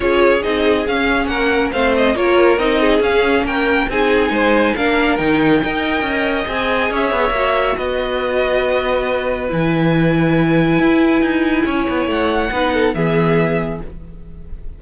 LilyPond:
<<
  \new Staff \with { instrumentName = "violin" } { \time 4/4 \tempo 4 = 139 cis''4 dis''4 f''4 fis''4 | f''8 dis''8 cis''4 dis''4 f''4 | g''4 gis''2 f''4 | g''2. gis''4 |
e''2 dis''2~ | dis''2 gis''2~ | gis''1 | fis''2 e''2 | }
  \new Staff \with { instrumentName = "violin" } { \time 4/4 gis'2. ais'4 | c''4 ais'4. gis'4. | ais'4 gis'4 c''4 ais'4~ | ais'4 dis''2. |
cis''2 b'2~ | b'1~ | b'2. cis''4~ | cis''4 b'8 a'8 gis'2 | }
  \new Staff \with { instrumentName = "viola" } { \time 4/4 f'4 dis'4 cis'2 | c'4 f'4 dis'4 cis'4~ | cis'4 dis'2 d'4 | dis'4 ais'2 gis'4~ |
gis'4 fis'2.~ | fis'2 e'2~ | e'1~ | e'4 dis'4 b2 | }
  \new Staff \with { instrumentName = "cello" } { \time 4/4 cis'4 c'4 cis'4 ais4 | a4 ais4 c'4 cis'4 | ais4 c'4 gis4 ais4 | dis4 dis'4 cis'4 c'4 |
cis'8 b8 ais4 b2~ | b2 e2~ | e4 e'4 dis'4 cis'8 b8 | a4 b4 e2 | }
>>